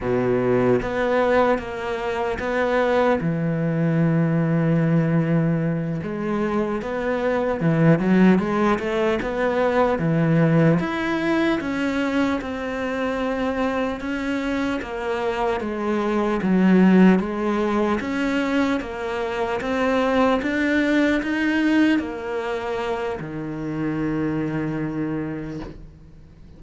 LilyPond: \new Staff \with { instrumentName = "cello" } { \time 4/4 \tempo 4 = 75 b,4 b4 ais4 b4 | e2.~ e8 gis8~ | gis8 b4 e8 fis8 gis8 a8 b8~ | b8 e4 e'4 cis'4 c'8~ |
c'4. cis'4 ais4 gis8~ | gis8 fis4 gis4 cis'4 ais8~ | ais8 c'4 d'4 dis'4 ais8~ | ais4 dis2. | }